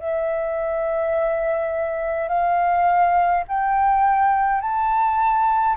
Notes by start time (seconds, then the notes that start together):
0.00 E5
2.29 F5
3.48 G5
4.62 A5